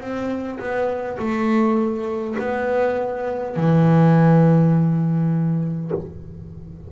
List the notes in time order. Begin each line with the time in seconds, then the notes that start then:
0.00 C4
0.59 B3
1.18 A3
2.39 B3
3.56 E3